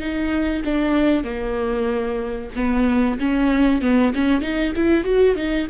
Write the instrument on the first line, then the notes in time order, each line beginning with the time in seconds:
viola
0.00 D#4
0.65 D4
1.25 A#3
2.56 B3
3.20 C#4
3.82 B3
4.15 C#4
4.42 D#4
4.76 E4
5.05 F#4
5.36 D#4